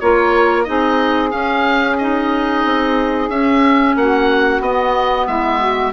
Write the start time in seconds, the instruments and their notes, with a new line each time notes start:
0.00 bassoon A#3, clarinet F4, saxophone A#4, oboe C#5
0.64 bassoon C4, clarinet D#4, saxophone G#4, oboe D#5
1.31 clarinet C#4, bassoon C#4, oboe F5
1.98 clarinet D#4, oboe D#5
2.65 bassoon C4
3.30 bassoon C#4, clarinet C#4, oboe E5
3.96 bassoon A#3, saxophone F#4, oboe F#5
4.60 bassoon B3, clarinet B3, oboe D#5
5.27 bassoon G#3, saxophone E4, oboe E5
5.59 saxophone F#4